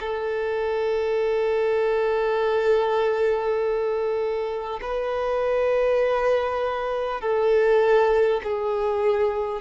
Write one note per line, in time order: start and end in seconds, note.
0.00 4.80 A4
4.82 7.21 B4
7.21 8.41 A4
8.44 9.61 G#4